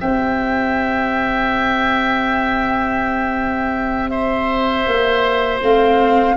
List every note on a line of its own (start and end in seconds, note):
0.00 4.87 C4
0.00 5.62 G4
0.00 4.10 E5
0.00 4.08 G5
4.08 6.35 C5
4.08 5.58 E5
4.87 5.61 A#3
5.61 6.36 A3
5.61 6.37 C4
5.61 6.37 F5